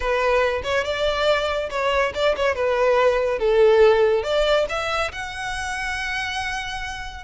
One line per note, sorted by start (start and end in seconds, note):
0.00 0.62 B4
0.63 0.84 C#5
0.84 1.69 D5
1.70 2.12 C#5
2.14 2.35 D5
2.36 2.55 C#5
2.55 3.38 B4
3.38 4.23 A4
4.23 4.65 D5
4.69 5.11 E5
5.12 7.24 F#5